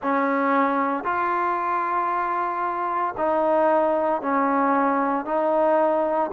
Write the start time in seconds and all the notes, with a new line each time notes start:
0.02 C#4
1.04 F4
3.17 D#4
4.21 C#4
5.25 D#4